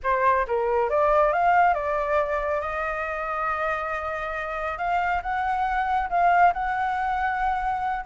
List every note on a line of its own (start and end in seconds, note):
0.03 0.46 C5
0.47 0.89 A#4
0.89 1.33 D5
1.33 1.74 F5
1.74 2.60 D5
2.60 4.78 D#5
4.78 5.21 F5
5.22 6.09 F#5
6.09 6.53 F5
6.53 8.05 F#5